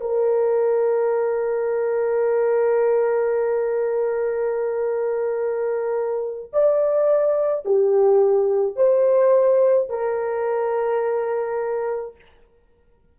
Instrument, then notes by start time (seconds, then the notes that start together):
horn
0.00 A#4
6.52 D5
7.65 G4
8.76 C5
9.89 A#4